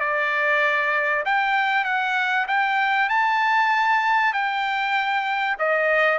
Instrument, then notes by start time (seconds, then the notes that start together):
trumpet
0.00 D5
1.25 G5
1.84 F#5
2.48 G5
3.10 A5
4.33 G5
5.59 D#5